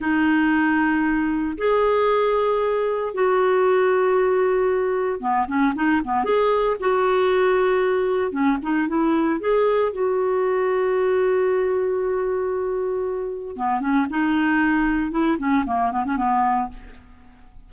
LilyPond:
\new Staff \with { instrumentName = "clarinet" } { \time 4/4 \tempo 4 = 115 dis'2. gis'4~ | gis'2 fis'2~ | fis'2 b8 cis'8 dis'8 b8 | gis'4 fis'2. |
cis'8 dis'8 e'4 gis'4 fis'4~ | fis'1~ | fis'2 b8 cis'8 dis'4~ | dis'4 e'8 cis'8 ais8 b16 cis'16 b4 | }